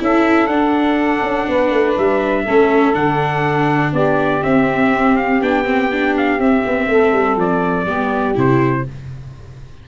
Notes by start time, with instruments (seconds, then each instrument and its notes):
0.00 tuba C#4, viola E4, saxophone A4, trumpet E5
0.47 tuba D4, viola D4, trumpet F#5
1.23 tuba C#4
1.49 tuba B3, saxophone B4
1.71 tuba A3
1.98 tuba G3, trumpet E5
2.44 tuba A3, viola C#4, saxophone A4
2.93 tuba D3, viola D4, trumpet F#5
3.93 tuba B3, saxophone G4, trumpet D5
4.42 viola C4, tuba C4, trumpet E5
5.17 trumpet F5
5.41 tuba B3, viola D4, trumpet G5
5.65 viola C4
5.92 viola D4
6.17 trumpet F5
6.39 viola C4, tuba C4, trumpet E5
6.67 tuba B3
6.88 tuba A3, saxophone A4
7.12 tuba G3
7.37 tuba F3, trumpet D5
7.85 tuba G3, viola B3, saxophone G4
8.35 tuba C3, viola E4, trumpet C5